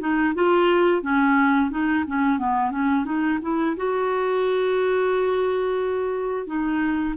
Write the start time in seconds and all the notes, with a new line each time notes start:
0.00 D#4
0.35 F4
1.03 C#4
1.71 D#4
2.07 C#4
2.39 B3
2.71 C#4
3.05 D#4
3.42 E4
3.77 F#4
6.47 D#4